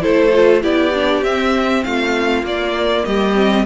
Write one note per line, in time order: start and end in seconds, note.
0.00 0.30 E4
0.00 0.61 A4
0.00 0.63 C5
0.07 0.64 A3
0.34 0.62 F4
0.61 1.23 B3
0.61 0.92 E4
0.61 1.83 G4
0.61 1.23 D5
0.94 1.24 D4
1.23 1.83 C4
1.23 2.46 C4
1.23 1.84 E5
1.84 2.43 A3
1.84 3.07 F4
1.84 2.44 F5
2.43 3.04 A#3
2.43 3.34 A#3
2.43 3.05 D5
3.05 3.66 G3
3.05 3.66 G4
3.05 3.66 D#5
3.34 3.65 C4